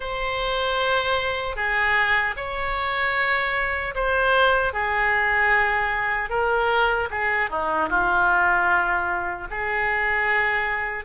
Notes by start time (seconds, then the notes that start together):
0.00 C5
1.56 G#4
2.36 C#5
3.94 C5
4.73 G#4
6.29 A#4
7.10 G#4
7.50 D#4
7.89 F4
9.50 G#4